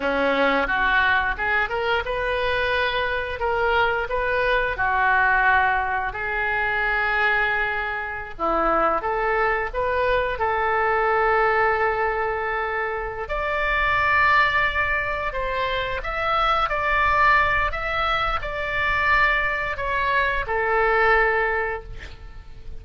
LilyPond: \new Staff \with { instrumentName = "oboe" } { \time 4/4 \tempo 4 = 88 cis'4 fis'4 gis'8 ais'8 b'4~ | b'4 ais'4 b'4 fis'4~ | fis'4 gis'2.~ | gis'16 e'4 a'4 b'4 a'8.~ |
a'2.~ a'8 d''8~ | d''2~ d''8 c''4 e''8~ | e''8 d''4. e''4 d''4~ | d''4 cis''4 a'2 | }